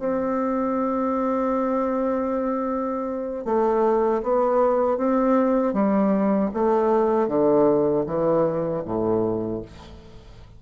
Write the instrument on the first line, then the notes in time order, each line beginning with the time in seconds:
bassoon
0.00 C4
3.45 A3
4.23 B3
4.98 C4
5.74 G3
6.54 A3
7.28 D3
8.07 E3
8.86 A2